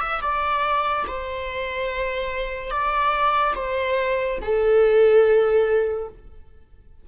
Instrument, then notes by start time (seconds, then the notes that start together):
viola
0.00 E5
0.21 D5
1.07 C5
2.70 D5
3.55 C5
4.41 A4